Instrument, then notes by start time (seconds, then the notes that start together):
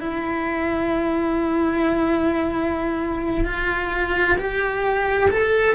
cello
0.00 E4
3.45 F4
4.38 G4
5.30 A4